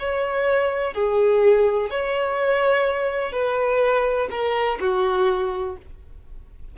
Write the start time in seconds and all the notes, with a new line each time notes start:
0.00 C#5
0.94 G#4
1.91 C#5
3.33 B4
4.31 A#4
4.80 F#4